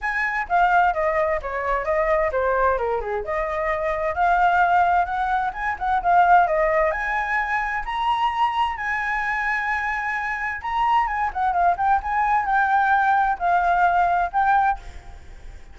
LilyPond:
\new Staff \with { instrumentName = "flute" } { \time 4/4 \tempo 4 = 130 gis''4 f''4 dis''4 cis''4 | dis''4 c''4 ais'8 gis'8 dis''4~ | dis''4 f''2 fis''4 | gis''8 fis''8 f''4 dis''4 gis''4~ |
gis''4 ais''2 gis''4~ | gis''2. ais''4 | gis''8 fis''8 f''8 g''8 gis''4 g''4~ | g''4 f''2 g''4 | }